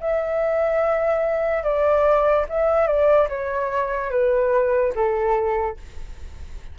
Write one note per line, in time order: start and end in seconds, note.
0.00 1.63 E5
1.63 2.45 D5
2.48 2.87 E5
2.87 3.28 D5
3.29 4.11 C#5
4.11 4.93 B4
4.95 5.77 A4